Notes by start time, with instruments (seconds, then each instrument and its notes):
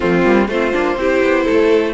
0.00 cello F3, viola A3, violin C4 F4
0.24 cello G3, viola A#3
0.48 cello A3, viola C4, violin F4 C5
0.72 cello A#3, viola D4
0.96 cello C4, viola E4, violin G4
1.22 cello B3
1.44 cello A3, violin A4